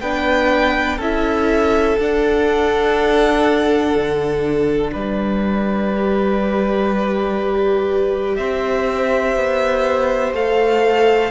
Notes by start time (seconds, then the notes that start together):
0.00 B3 D4 B4 G5
0.97 C#4 E4 A4 E5
1.98 D4 F#5
3.96 D3
4.92 G3 B4 D5
5.93 G4
8.36 C4 C5 E5
9.36 B3
10.33 A3 A4 F5